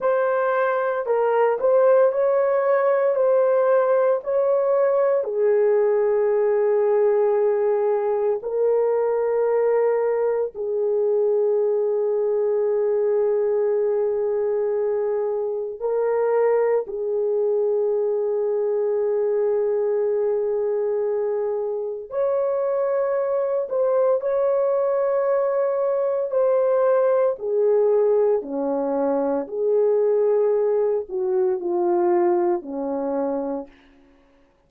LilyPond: \new Staff \with { instrumentName = "horn" } { \time 4/4 \tempo 4 = 57 c''4 ais'8 c''8 cis''4 c''4 | cis''4 gis'2. | ais'2 gis'2~ | gis'2. ais'4 |
gis'1~ | gis'4 cis''4. c''8 cis''4~ | cis''4 c''4 gis'4 cis'4 | gis'4. fis'8 f'4 cis'4 | }